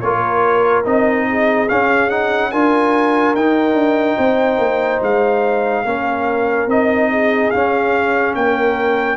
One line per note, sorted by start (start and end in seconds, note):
0.00 0.85 A#3
0.00 0.84 F4
0.00 1.28 A#4
0.00 0.83 C#5
0.84 1.69 C4
0.84 1.67 D#4
0.84 1.68 D#5
1.29 2.51 G#4
1.68 2.10 C#4
1.68 2.53 C#4
1.68 2.10 F5
2.10 2.52 D#4
2.10 2.51 F#5
2.51 3.35 D4
2.51 3.36 F4
2.51 4.17 A#4
2.51 3.35 G#5
3.35 3.74 D#4
3.35 5.85 D#4
3.35 5.02 G5
3.74 4.15 D4
4.17 4.58 C4
4.17 5.84 C5
4.58 5.00 A#3
5.02 5.84 G#3
5.02 6.69 F5
5.84 6.67 A#3
5.84 6.69 C#4
5.84 7.11 A#4
6.67 7.50 C4
6.67 7.52 D#4
6.67 7.51 D#5
7.11 8.36 G#4
7.51 9.16 C#4
7.51 8.35 C#4
7.51 8.34 F5
8.35 9.16 A#3
8.35 9.16 A#4
8.35 9.16 G5